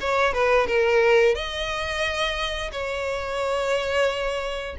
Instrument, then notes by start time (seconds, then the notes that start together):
violin
0.00 C#5
0.33 B4
0.67 A#4
1.35 D#5
2.71 C#5